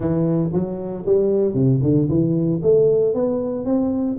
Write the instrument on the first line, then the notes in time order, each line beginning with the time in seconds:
tuba
0.00 E3
0.52 F#3
1.06 G3
1.53 C3
1.82 D3
2.08 E3
2.62 A3
3.14 B3
3.65 C4